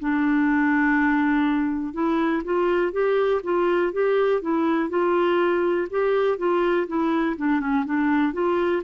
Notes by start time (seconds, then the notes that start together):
0.00 D4
1.94 E4
2.45 F4
2.93 G4
3.44 F4
3.93 G4
4.42 E4
4.90 F4
5.91 G4
6.38 F4
6.88 E4
7.37 D4
7.61 C#4
7.86 D4
8.33 F4